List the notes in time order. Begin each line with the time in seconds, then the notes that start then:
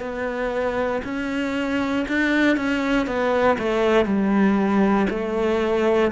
0.00 B3
1.04 C#4
2.08 D4
2.57 C#4
3.06 B3
3.59 A3
4.05 G3
5.09 A3